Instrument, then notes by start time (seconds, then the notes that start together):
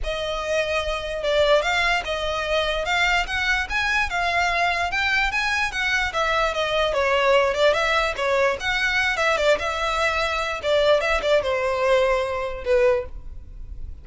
violin
0.03 D#5
1.23 D5
1.62 F5
2.04 D#5
2.85 F5
3.26 F#5
3.69 G#5
4.09 F5
4.91 G5
5.31 G#5
5.71 F#5
6.13 E5
6.53 D#5
6.93 C#5
7.54 D5
7.73 E5
8.16 C#5
8.60 F#5
9.17 E5
9.37 D5
9.58 E5
10.62 D5
11.00 E5
11.22 D5
11.42 C5
12.64 B4